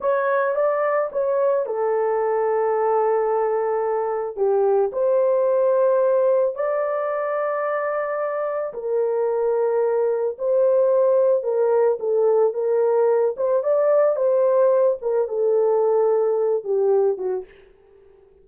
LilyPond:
\new Staff \with { instrumentName = "horn" } { \time 4/4 \tempo 4 = 110 cis''4 d''4 cis''4 a'4~ | a'1 | g'4 c''2. | d''1 |
ais'2. c''4~ | c''4 ais'4 a'4 ais'4~ | ais'8 c''8 d''4 c''4. ais'8 | a'2~ a'8 g'4 fis'8 | }